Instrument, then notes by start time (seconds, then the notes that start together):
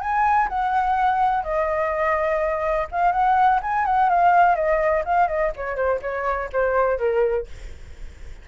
flute
0.00 G#5
0.48 F#5
1.43 D#5
2.91 F5
3.12 F#5
3.62 G#5
3.86 F#5
4.09 F5
4.55 D#5
5.05 F5
5.28 D#5
5.56 C#5
5.76 C5
6.02 C#5
6.52 C5
6.98 A#4